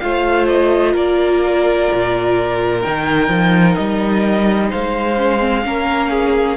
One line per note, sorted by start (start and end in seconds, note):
0.00 0.95 A3
0.00 2.81 F4
0.00 0.93 C5
0.00 0.47 F5
0.47 0.94 D#5
0.93 1.88 A#3
0.93 4.68 A#4
0.93 2.82 D5
1.93 2.87 A#2
2.81 3.29 D#3
2.81 5.16 D#4
2.81 3.76 G5
3.29 3.76 F3
3.76 4.73 G3
3.76 4.69 D#5
4.70 5.66 G#3
4.70 5.63 C5
4.70 6.57 F5
5.17 5.39 C#4
5.39 5.63 C4
5.64 6.57 A#3
5.64 6.57 C#4
5.64 6.11 A#4
6.11 6.57 G#4